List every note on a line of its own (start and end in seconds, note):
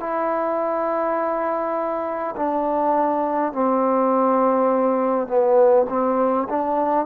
0.00 2.35 E4
2.36 3.53 D4
3.53 5.28 C4
5.28 5.87 B3
5.89 6.48 C4
6.50 7.06 D4